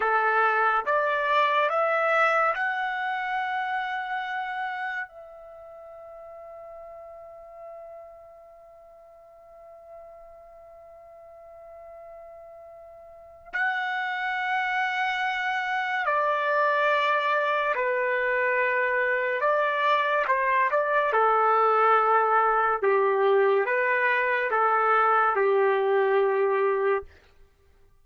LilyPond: \new Staff \with { instrumentName = "trumpet" } { \time 4/4 \tempo 4 = 71 a'4 d''4 e''4 fis''4~ | fis''2 e''2~ | e''1~ | e''1 |
fis''2. d''4~ | d''4 b'2 d''4 | c''8 d''8 a'2 g'4 | b'4 a'4 g'2 | }